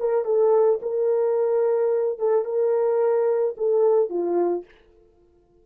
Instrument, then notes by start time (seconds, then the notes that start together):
horn
0.00 A#4
0.25 A4
0.82 A#4
2.19 A4
2.45 A#4
3.58 A4
4.10 F4